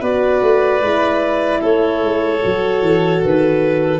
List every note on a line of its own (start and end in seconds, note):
0.00 0.41 B3
0.00 0.81 F#4
0.00 1.60 B4
0.00 1.62 D5
0.41 0.81 A3
0.81 1.61 G#3
0.81 2.41 E4
1.61 2.02 A3
1.61 4.00 A4
1.61 3.23 C#5
2.02 2.42 G#3
2.42 2.81 F#3
2.42 4.00 F#4
2.81 3.21 E3
3.24 4.00 D#3
3.24 4.00 B4